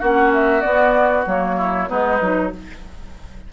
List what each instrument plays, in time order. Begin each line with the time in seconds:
0.00 bassoon A#3, clarinet C#4, oboe F#4, flute F#5
0.34 flute E5
0.61 clarinet B3, bassoon B3, flute D5
1.26 bassoon F#3, clarinet A#3, flute C#5
1.58 oboe E4
1.88 bassoon G#3, clarinet B3, oboe D#4, flute B4
2.21 bassoon F#3, clarinet D#4